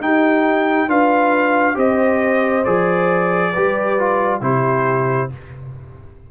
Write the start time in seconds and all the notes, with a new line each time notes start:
0.00 D#4 G4 G5
0.87 D4 F4 B4 F5
1.74 C4 G4 C5 D#5
2.65 F3 G#4 D5
3.52 G3 G4 B4
3.99 F4
4.41 C3 E4 G4 C5